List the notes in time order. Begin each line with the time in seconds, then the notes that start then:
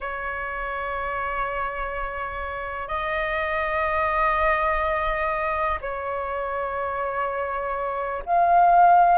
0.00 C#5
2.88 D#5
5.81 C#5
8.25 F5